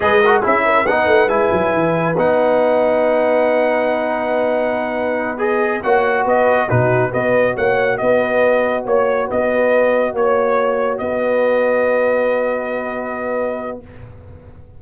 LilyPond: <<
  \new Staff \with { instrumentName = "trumpet" } { \time 4/4 \tempo 4 = 139 dis''4 e''4 fis''4 gis''4~ | gis''4 fis''2.~ | fis''1~ | fis''8 dis''4 fis''4 dis''4 b'8~ |
b'8 dis''4 fis''4 dis''4.~ | dis''8 cis''4 dis''2 cis''8~ | cis''4. dis''2~ dis''8~ | dis''1 | }
  \new Staff \with { instrumentName = "horn" } { \time 4/4 b'8 ais'8 gis'8 ais'8 b'2~ | b'1~ | b'1~ | b'4. cis''4 b'4 fis'8~ |
fis'8 b'4 cis''4 b'4.~ | b'8 cis''4 b'2 cis''8~ | cis''4. b'2~ b'8~ | b'1 | }
  \new Staff \with { instrumentName = "trombone" } { \time 4/4 gis'8 fis'8 e'4 dis'4 e'4~ | e'4 dis'2.~ | dis'1~ | dis'8 gis'4 fis'2 dis'8~ |
dis'8 fis'2.~ fis'8~ | fis'1~ | fis'1~ | fis'1 | }
  \new Staff \with { instrumentName = "tuba" } { \time 4/4 gis4 cis'4 b8 a8 gis8 fis8 | e4 b2.~ | b1~ | b4. ais4 b4 b,8~ |
b,8 b4 ais4 b4.~ | b8 ais4 b2 ais8~ | ais4. b2~ b8~ | b1 | }
>>